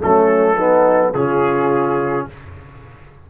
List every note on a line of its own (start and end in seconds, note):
0.00 1.14 F#3
0.00 0.57 A3
0.00 0.57 C#4
0.00 1.14 A4
0.57 1.14 B3
0.57 1.13 D#4
1.14 2.27 C#3
1.14 2.30 C#4
1.14 2.28 F4
1.14 2.27 G#4